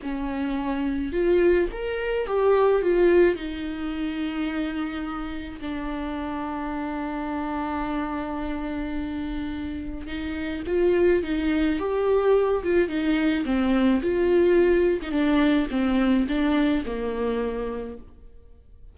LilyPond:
\new Staff \with { instrumentName = "viola" } { \time 4/4 \tempo 4 = 107 cis'2 f'4 ais'4 | g'4 f'4 dis'2~ | dis'2 d'2~ | d'1~ |
d'2 dis'4 f'4 | dis'4 g'4. f'8 dis'4 | c'4 f'4.~ f'16 dis'16 d'4 | c'4 d'4 ais2 | }